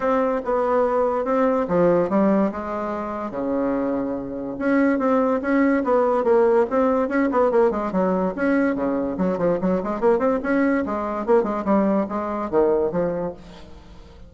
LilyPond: \new Staff \with { instrumentName = "bassoon" } { \time 4/4 \tempo 4 = 144 c'4 b2 c'4 | f4 g4 gis2 | cis2. cis'4 | c'4 cis'4 b4 ais4 |
c'4 cis'8 b8 ais8 gis8 fis4 | cis'4 cis4 fis8 f8 fis8 gis8 | ais8 c'8 cis'4 gis4 ais8 gis8 | g4 gis4 dis4 f4 | }